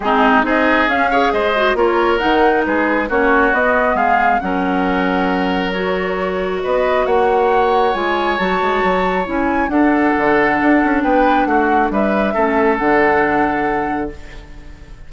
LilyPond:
<<
  \new Staff \with { instrumentName = "flute" } { \time 4/4 \tempo 4 = 136 gis'4 dis''4 f''4 dis''4 | cis''4 fis''4 b'4 cis''4 | dis''4 f''4 fis''2~ | fis''4 cis''2 dis''4 |
fis''2 gis''4 a''4~ | a''4 gis''4 fis''2~ | fis''4 g''4 fis''4 e''4~ | e''4 fis''2. | }
  \new Staff \with { instrumentName = "oboe" } { \time 4/4 dis'4 gis'4. cis''8 c''4 | ais'2 gis'4 fis'4~ | fis'4 gis'4 ais'2~ | ais'2. b'4 |
cis''1~ | cis''2 a'2~ | a'4 b'4 fis'4 b'4 | a'1 | }
  \new Staff \with { instrumentName = "clarinet" } { \time 4/4 c'4 dis'4 cis'8 gis'4 fis'8 | f'4 dis'2 cis'4 | b2 cis'2~ | cis'4 fis'2.~ |
fis'2 f'4 fis'4~ | fis'4 e'4 d'2~ | d'1 | cis'4 d'2. | }
  \new Staff \with { instrumentName = "bassoon" } { \time 4/4 gis4 c'4 cis'4 gis4 | ais4 dis4 gis4 ais4 | b4 gis4 fis2~ | fis2. b4 |
ais2 gis4 fis8 gis8 | fis4 cis'4 d'4 d4 | d'8 cis'8 b4 a4 g4 | a4 d2. | }
>>